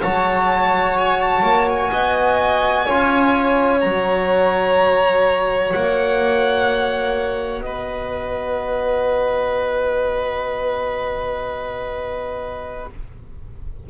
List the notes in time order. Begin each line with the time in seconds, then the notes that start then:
0.00 F#3 F#4 C#5 A5
0.98 G#5
1.21 A5
1.42 A#3
1.69 G#5
1.91 B3 D#5
2.86 C#4 F4 C#5
3.81 F#3 F#4 A#5
5.73 A#3 F#5
7.61 B3 B4 D#5